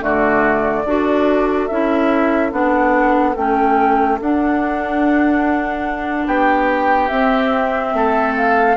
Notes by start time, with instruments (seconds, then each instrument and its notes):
0.00 bassoon D3, clarinet A3, oboe F#4, flute D5
0.85 bassoon D4, clarinet F#4, oboe A4
1.67 bassoon C#4, clarinet E4, flute E5
2.51 bassoon B3, clarinet D4, flute F#5
3.36 bassoon A3, clarinet C#4, flute G5
4.20 bassoon D4, clarinet D4, flute F#5
6.27 bassoon B3, oboe G4, flute G5
7.08 clarinet C4, bassoon C4, flute E5
7.93 bassoon A3, oboe A4
8.37 flute F5